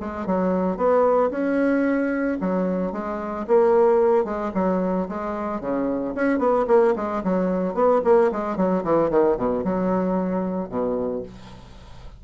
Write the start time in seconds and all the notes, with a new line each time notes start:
0.00 G#3
0.26 F#3
0.77 B3
1.31 C#4
2.40 F#3
2.92 G#3
3.47 A#3
4.24 G#3
4.54 F#3
5.08 G#3
5.60 C#3
6.15 C#4
6.39 B3
6.67 A#3
6.95 G#3
7.23 F#3
7.74 B3
8.04 A#3
8.32 G#3
8.57 F#3
8.84 E3
9.10 D#3
9.37 B2
9.64 F#3
10.69 B2